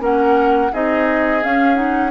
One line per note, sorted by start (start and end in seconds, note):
0.00 0.71 A#3
0.00 0.71 C#4
0.00 0.72 A#4
0.00 0.74 F#5
0.73 1.44 C4
0.73 1.43 D#4
0.73 2.11 G#4
0.73 1.44 D#5
1.43 1.75 C#4
1.43 2.11 C#4
1.43 1.75 F5
1.75 2.11 D#4
1.75 2.11 F#5